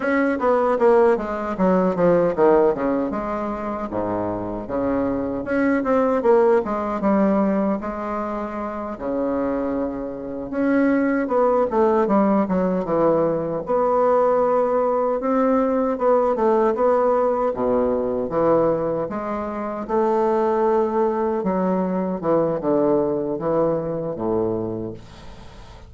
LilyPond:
\new Staff \with { instrumentName = "bassoon" } { \time 4/4 \tempo 4 = 77 cis'8 b8 ais8 gis8 fis8 f8 dis8 cis8 | gis4 gis,4 cis4 cis'8 c'8 | ais8 gis8 g4 gis4. cis8~ | cis4. cis'4 b8 a8 g8 |
fis8 e4 b2 c'8~ | c'8 b8 a8 b4 b,4 e8~ | e8 gis4 a2 fis8~ | fis8 e8 d4 e4 a,4 | }